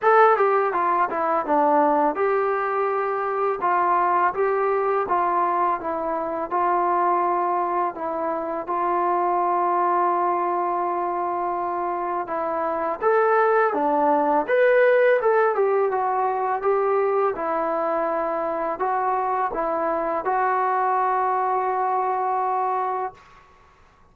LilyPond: \new Staff \with { instrumentName = "trombone" } { \time 4/4 \tempo 4 = 83 a'8 g'8 f'8 e'8 d'4 g'4~ | g'4 f'4 g'4 f'4 | e'4 f'2 e'4 | f'1~ |
f'4 e'4 a'4 d'4 | b'4 a'8 g'8 fis'4 g'4 | e'2 fis'4 e'4 | fis'1 | }